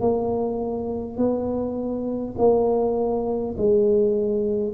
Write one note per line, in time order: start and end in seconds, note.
0.00 1.17 A#3
1.17 2.35 B3
2.37 3.55 A#3
3.57 4.73 G#3